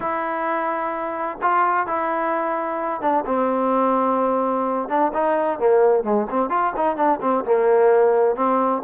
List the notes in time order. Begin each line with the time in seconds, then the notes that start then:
0.00 E4
1.41 F4
1.86 E4
3.01 D4
3.26 C4
4.88 D4
5.13 D#4
5.59 A#3
6.03 G#3
6.29 C4
6.49 F4
6.76 D#4
6.96 D4
7.21 C4
7.45 A#3
8.35 C4